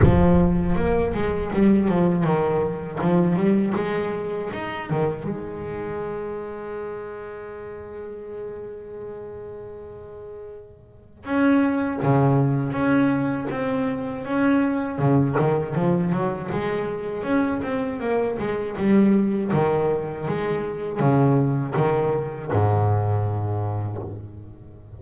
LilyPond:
\new Staff \with { instrumentName = "double bass" } { \time 4/4 \tempo 4 = 80 f4 ais8 gis8 g8 f8 dis4 | f8 g8 gis4 dis'8 dis8 gis4~ | gis1~ | gis2. cis'4 |
cis4 cis'4 c'4 cis'4 | cis8 dis8 f8 fis8 gis4 cis'8 c'8 | ais8 gis8 g4 dis4 gis4 | cis4 dis4 gis,2 | }